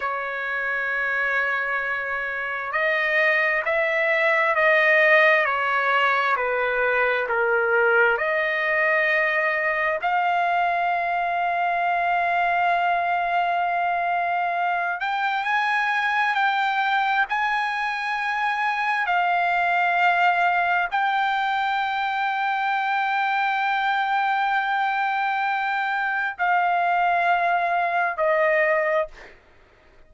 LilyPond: \new Staff \with { instrumentName = "trumpet" } { \time 4/4 \tempo 4 = 66 cis''2. dis''4 | e''4 dis''4 cis''4 b'4 | ais'4 dis''2 f''4~ | f''1~ |
f''8 g''8 gis''4 g''4 gis''4~ | gis''4 f''2 g''4~ | g''1~ | g''4 f''2 dis''4 | }